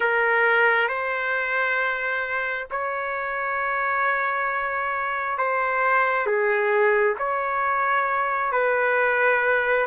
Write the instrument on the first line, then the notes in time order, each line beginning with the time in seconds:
trumpet
0.00 A#4
0.88 C5
2.70 C#5
5.38 C5
6.26 G#4
7.18 C#5
8.52 B4